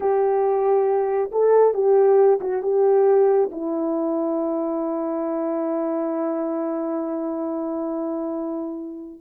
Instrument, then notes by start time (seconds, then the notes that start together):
horn
0.00 G4
1.31 A4
1.74 G4
2.40 F#4
2.62 G4
3.51 E4